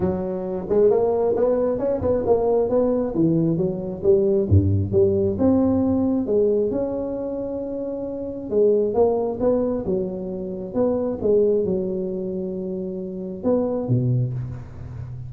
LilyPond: \new Staff \with { instrumentName = "tuba" } { \time 4/4 \tempo 4 = 134 fis4. gis8 ais4 b4 | cis'8 b8 ais4 b4 e4 | fis4 g4 g,4 g4 | c'2 gis4 cis'4~ |
cis'2. gis4 | ais4 b4 fis2 | b4 gis4 fis2~ | fis2 b4 b,4 | }